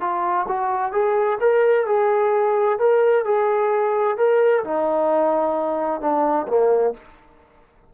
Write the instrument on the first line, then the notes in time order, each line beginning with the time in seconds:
trombone
0.00 F4
0.48 F#4
0.92 G#4
1.40 A#4
1.86 G#4
2.78 A#4
3.25 G#4
4.17 A#4
4.64 D#4
6.00 D4
6.47 A#3